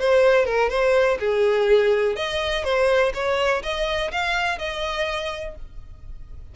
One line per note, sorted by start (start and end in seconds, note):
0.00 0.46 C5
0.46 0.70 A#4
0.70 1.19 C5
1.20 2.16 G#4
2.16 2.65 D#5
2.65 3.13 C5
3.15 3.63 C#5
3.63 4.12 D#5
4.12 4.59 F5
4.59 5.56 D#5